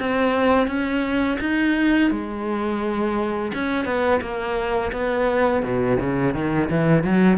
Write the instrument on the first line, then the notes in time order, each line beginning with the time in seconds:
cello
0.00 C4
0.67 C#4
1.40 D#4
2.11 G#3
3.54 C#4
3.85 B3
4.21 A#3
4.93 B3
5.63 B2
6.00 C#3
6.34 D#3
6.70 E3
7.04 F#3